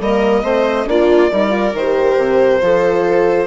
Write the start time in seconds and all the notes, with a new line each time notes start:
0.00 G3 A#3 A#4 D#5
0.43 A3 C4 C5
0.85 A#3 D4 F4 D5
1.32 G3 D#4 A#4
1.49 F4
1.74 D#3 G4 C5
2.18 C3
2.61 F3 F4 A4